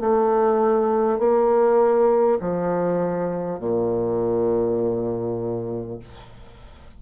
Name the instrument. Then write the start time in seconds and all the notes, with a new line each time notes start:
bassoon
0.00 A3
1.19 A#3
2.40 F3
3.59 A#2